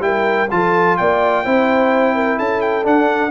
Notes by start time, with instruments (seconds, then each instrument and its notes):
0.00 tuba G3, trombone E4, horn A#4, trumpet G5
0.51 tuba F3, trombone F4, horn A4, trumpet A5
0.97 tuba A#3, horn D5, trumpet G5
1.44 tuba C4, trombone E4, horn C5
2.16 horn A#4
2.37 tuba C#4, horn A4, trumpet A5
2.61 trumpet G5
2.84 trombone D4, tuba D4, trumpet F#5